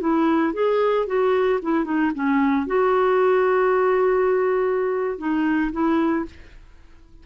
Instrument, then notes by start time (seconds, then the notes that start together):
clarinet
0.00 E4
0.53 G#4
1.06 F#4
1.62 E4
1.84 D#4
2.14 C#4
2.66 F#4
5.18 D#4
5.72 E4